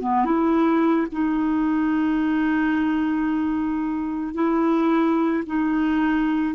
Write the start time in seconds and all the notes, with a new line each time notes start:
0.00 B3
0.25 E4
1.11 D#4
4.34 E4
5.46 D#4